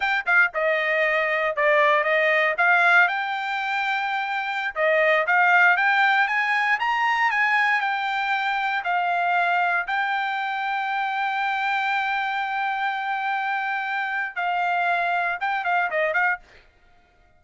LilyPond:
\new Staff \with { instrumentName = "trumpet" } { \time 4/4 \tempo 4 = 117 g''8 f''8 dis''2 d''4 | dis''4 f''4 g''2~ | g''4~ g''16 dis''4 f''4 g''8.~ | g''16 gis''4 ais''4 gis''4 g''8.~ |
g''4~ g''16 f''2 g''8.~ | g''1~ | g''1 | f''2 g''8 f''8 dis''8 f''8 | }